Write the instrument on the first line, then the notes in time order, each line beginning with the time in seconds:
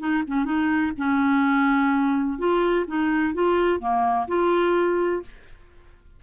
clarinet
0.00 D#4
0.27 C#4
0.45 D#4
0.98 C#4
2.39 F4
2.88 D#4
3.34 F4
3.80 A#3
4.28 F4